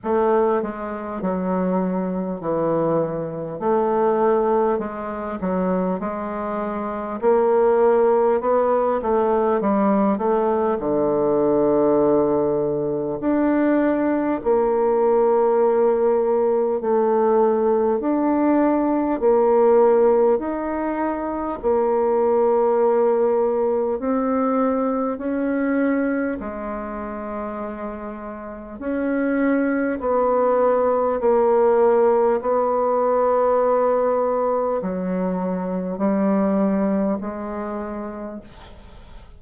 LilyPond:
\new Staff \with { instrumentName = "bassoon" } { \time 4/4 \tempo 4 = 50 a8 gis8 fis4 e4 a4 | gis8 fis8 gis4 ais4 b8 a8 | g8 a8 d2 d'4 | ais2 a4 d'4 |
ais4 dis'4 ais2 | c'4 cis'4 gis2 | cis'4 b4 ais4 b4~ | b4 fis4 g4 gis4 | }